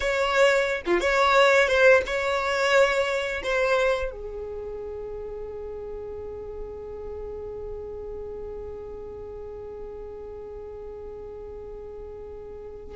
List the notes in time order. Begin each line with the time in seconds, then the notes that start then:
0.00 C#5
0.86 F4
1.00 C#5
1.67 C5
2.06 C#5
3.43 C5
4.11 G#4